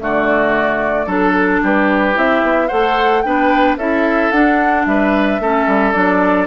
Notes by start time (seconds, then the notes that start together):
0.00 D3 A3 F#4 D5
1.06 F#3 D4 A4
1.63 G3 G4 B4
2.14 C4 E4 E5
2.42 B3
2.68 A3 A4 C5 F#5
3.22 B3 D4 B4 G5
3.77 C#4 E4 A4 E5
4.32 D4 F#5
4.86 G3 B4 E5
5.40 A3 C#4 A4
5.67 G3
5.93 F#3 D4 D5